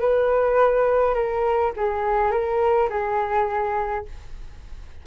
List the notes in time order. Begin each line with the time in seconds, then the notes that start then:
0.00 B4
1.14 A#4
1.76 G#4
2.31 A#4
2.89 G#4